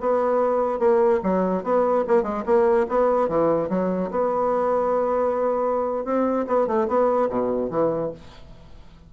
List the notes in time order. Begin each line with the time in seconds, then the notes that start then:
0.00 B3
0.79 A#3
1.23 F#3
1.63 B3
2.08 A#3
2.23 G#3
2.45 A#3
2.89 B3
3.28 E3
3.69 F#3
4.11 B3
6.05 C4
6.47 B3
6.67 A3
6.88 B3
7.29 B2
7.70 E3